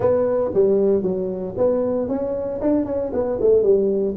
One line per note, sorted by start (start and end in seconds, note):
0.00 0.51 B3
0.54 1.02 G3
1.02 1.54 F#3
1.57 2.08 B3
2.08 2.60 C#4
2.61 2.85 D4
2.85 3.11 C#4
3.13 3.39 B3
3.41 3.63 A3
3.63 4.15 G3